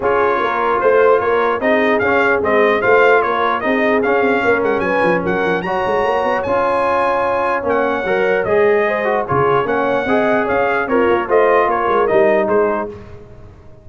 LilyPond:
<<
  \new Staff \with { instrumentName = "trumpet" } { \time 4/4 \tempo 4 = 149 cis''2 c''4 cis''4 | dis''4 f''4 dis''4 f''4 | cis''4 dis''4 f''4. fis''8 | gis''4 fis''4 ais''2 |
gis''2. fis''4~ | fis''4 dis''2 cis''4 | fis''2 f''4 cis''4 | dis''4 cis''4 dis''4 c''4 | }
  \new Staff \with { instrumentName = "horn" } { \time 4/4 gis'4 ais'4 c''4 ais'4 | gis'2. c''4 | ais'4 gis'2 ais'4 | b'4 ais'4 cis''2~ |
cis''1~ | cis''2 c''4 gis'4 | cis''4 dis''4 cis''4 f'4 | c''4 ais'2 gis'4 | }
  \new Staff \with { instrumentName = "trombone" } { \time 4/4 f'1 | dis'4 cis'4 c'4 f'4~ | f'4 dis'4 cis'2~ | cis'2 fis'2 |
f'2. cis'4 | ais'4 gis'4. fis'8 f'4 | cis'4 gis'2 ais'4 | f'2 dis'2 | }
  \new Staff \with { instrumentName = "tuba" } { \time 4/4 cis'4 ais4 a4 ais4 | c'4 cis'4 gis4 a4 | ais4 c'4 cis'8 c'8 ais8 gis8 | fis8 f8 fis8 f8 fis8 gis8 ais8 b8 |
cis'2. ais4 | fis4 gis2 cis4 | ais4 c'4 cis'4 c'8 ais8 | a4 ais8 gis8 g4 gis4 | }
>>